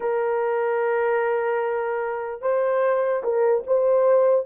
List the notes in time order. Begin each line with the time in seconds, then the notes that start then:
0.00 A#4
2.41 C5
3.23 A#4
3.67 C5